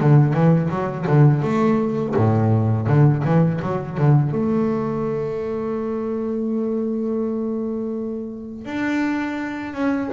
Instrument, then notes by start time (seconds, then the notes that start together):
double bass
0.00 D3
0.33 E3
0.70 F#3
1.07 D3
1.42 A3
2.16 A2
2.87 D3
3.24 E3
3.62 F#3
3.97 D3
4.32 A3
8.65 D4
9.74 C#4